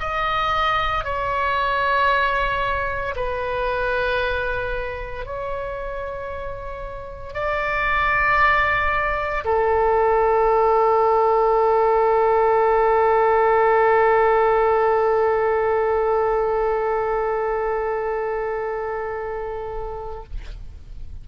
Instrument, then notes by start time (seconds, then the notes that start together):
oboe
0.00 D#5
1.05 C#5
3.16 B4
5.26 C#5
7.34 D5
9.45 A4